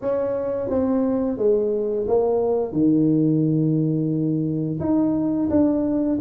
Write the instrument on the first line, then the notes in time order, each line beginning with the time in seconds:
tuba
0.01 C#4
0.69 C4
1.37 G#3
2.07 A#3
2.72 D#3
4.80 D#4
5.50 D4